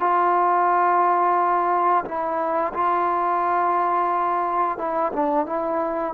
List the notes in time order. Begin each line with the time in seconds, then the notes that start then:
0.00 F4
2.05 E4
2.74 F4
4.78 E4
5.13 D4
5.46 E4